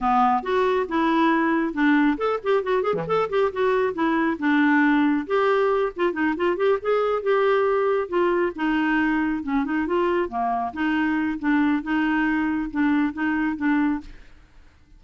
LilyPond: \new Staff \with { instrumentName = "clarinet" } { \time 4/4 \tempo 4 = 137 b4 fis'4 e'2 | d'4 a'8 g'8 fis'8 gis'16 e16 a'8 g'8 | fis'4 e'4 d'2 | g'4. f'8 dis'8 f'8 g'8 gis'8~ |
gis'8 g'2 f'4 dis'8~ | dis'4. cis'8 dis'8 f'4 ais8~ | ais8 dis'4. d'4 dis'4~ | dis'4 d'4 dis'4 d'4 | }